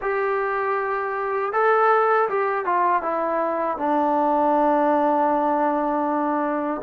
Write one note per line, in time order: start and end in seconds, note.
0.01 1.52 G4
1.52 2.28 A4
2.29 2.65 G4
2.65 3.02 F4
3.02 3.77 E4
3.77 6.81 D4